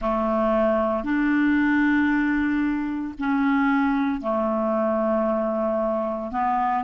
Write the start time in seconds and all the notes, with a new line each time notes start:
0.00 A3
1.03 D4
3.19 C#4
4.21 A3
6.32 B3